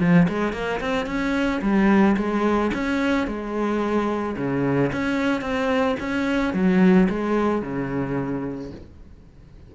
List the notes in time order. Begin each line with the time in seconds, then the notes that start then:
0.00 F3
0.29 G#3
0.53 A#3
0.80 C4
1.06 C#4
1.62 G3
2.17 G#3
2.74 C#4
3.27 G#3
4.37 C#3
4.92 C#4
5.41 C4
6.00 C#4
6.54 F#3
7.09 G#3
7.62 C#3